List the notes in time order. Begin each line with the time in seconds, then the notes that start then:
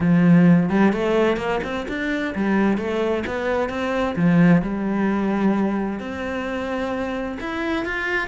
0.00 F3
0.69 G3
0.93 A3
1.36 A#3
1.63 C4
1.88 D4
2.35 G3
2.77 A3
3.26 B3
3.69 C4
4.15 F3
4.62 G3
5.99 C4
7.40 E4
7.85 F4